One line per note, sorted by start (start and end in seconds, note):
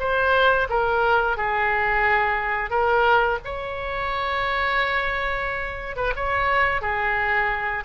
0.00 0.68 C5
0.70 1.38 A#4
1.38 2.71 G#4
2.71 3.39 A#4
3.45 5.97 C#5
5.97 6.14 B4
6.16 6.82 C#5
6.82 7.84 G#4